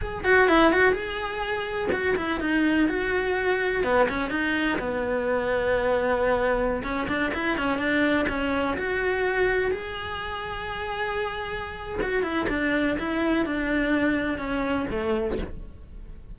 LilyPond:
\new Staff \with { instrumentName = "cello" } { \time 4/4 \tempo 4 = 125 gis'8 fis'8 e'8 fis'8 gis'2 | fis'8 e'8 dis'4 fis'2 | b8 cis'8 dis'4 b2~ | b2~ b16 cis'8 d'8 e'8 cis'16~ |
cis'16 d'4 cis'4 fis'4.~ fis'16~ | fis'16 gis'2.~ gis'8.~ | gis'4 fis'8 e'8 d'4 e'4 | d'2 cis'4 a4 | }